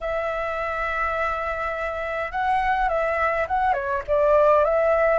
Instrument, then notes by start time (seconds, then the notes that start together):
flute
0.00 E5
2.31 F#5
2.88 E5
3.47 F#5
3.73 C#5
4.07 D5
4.64 E5